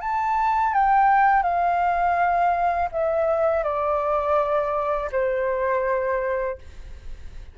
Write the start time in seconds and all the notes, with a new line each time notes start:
0.00 A5
0.73 G5
1.42 F5
2.91 E5
3.63 D5
5.12 C5